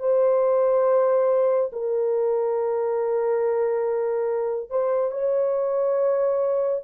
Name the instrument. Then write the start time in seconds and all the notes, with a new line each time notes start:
horn
0.00 C5
1.73 A#4
4.70 C5
5.12 C#5